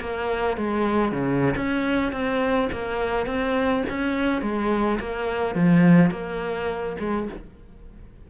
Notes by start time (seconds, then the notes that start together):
0.00 A#3
0.57 G#3
1.11 C#3
1.56 C#4
2.12 C4
2.72 A#3
3.26 C4
3.89 C#4
4.41 G#3
4.99 A#3
5.55 F3
6.10 A#3
6.99 G#3